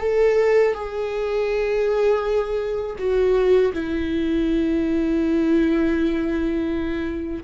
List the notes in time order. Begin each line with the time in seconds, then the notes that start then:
0.00 A4
0.74 G#4
2.99 F#4
3.73 E4